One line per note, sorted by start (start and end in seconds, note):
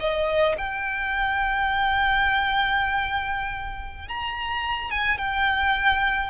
0.00 0.56 D#5
0.58 4.08 G5
4.08 4.90 A#5
4.90 5.18 G#5
5.18 6.30 G5